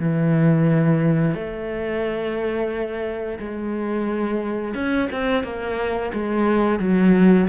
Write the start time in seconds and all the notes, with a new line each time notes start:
0.00 E3
1.35 A3
3.40 G#3
4.75 C#4
5.12 C4
5.44 A#3
6.14 G#3
6.80 F#3